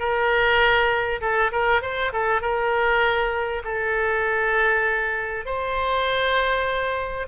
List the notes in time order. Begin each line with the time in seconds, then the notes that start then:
0.00 A#4
1.21 A4
1.52 A#4
1.82 C5
2.13 A4
2.42 A#4
3.65 A4
5.45 C5